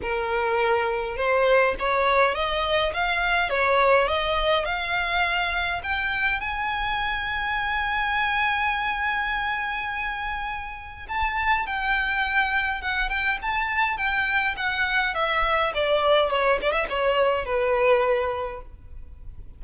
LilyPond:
\new Staff \with { instrumentName = "violin" } { \time 4/4 \tempo 4 = 103 ais'2 c''4 cis''4 | dis''4 f''4 cis''4 dis''4 | f''2 g''4 gis''4~ | gis''1~ |
gis''2. a''4 | g''2 fis''8 g''8 a''4 | g''4 fis''4 e''4 d''4 | cis''8 d''16 e''16 cis''4 b'2 | }